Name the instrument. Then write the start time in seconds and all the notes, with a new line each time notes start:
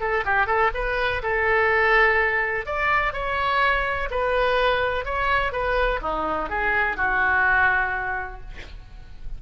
oboe
0.00 A4
0.25 G4
0.47 A4
0.74 B4
1.23 A4
2.66 D5
3.13 C#5
4.11 B4
5.05 C#5
5.52 B4
6.02 D#4
6.50 G#4
6.96 F#4